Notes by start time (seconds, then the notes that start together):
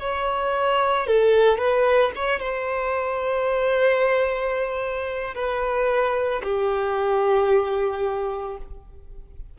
0.00 C#5
1.07 A4
1.58 B4
2.16 C#5
2.40 C5
5.35 B4
6.43 G4